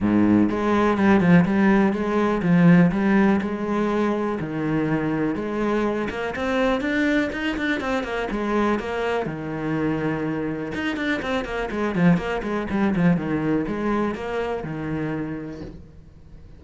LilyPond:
\new Staff \with { instrumentName = "cello" } { \time 4/4 \tempo 4 = 123 gis,4 gis4 g8 f8 g4 | gis4 f4 g4 gis4~ | gis4 dis2 gis4~ | gis8 ais8 c'4 d'4 dis'8 d'8 |
c'8 ais8 gis4 ais4 dis4~ | dis2 dis'8 d'8 c'8 ais8 | gis8 f8 ais8 gis8 g8 f8 dis4 | gis4 ais4 dis2 | }